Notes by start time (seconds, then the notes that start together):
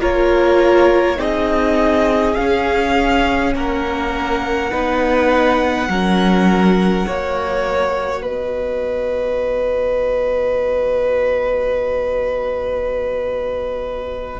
0.00 A#3 F4 A#4 C#5
1.16 C4 D#4 G#4 D#5
2.35 C#4 F5
3.54 A#3 A#4 F#5
4.71 B3 D#4 B4
5.88 F#3 C#4 A#4
7.06 A#3 F#4 C#5
8.22 B3 B4 D#5